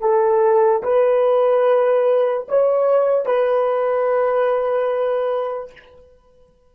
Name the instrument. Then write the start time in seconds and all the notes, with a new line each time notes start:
horn
0.00 A4
0.83 B4
2.48 C#5
3.25 B4